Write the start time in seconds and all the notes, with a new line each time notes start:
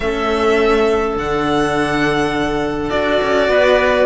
0.00 A3 C#4 A4 E5
1.16 D3 D4 F#5
2.89 D4 F#4 D5
3.22 C#4
3.48 B3 B4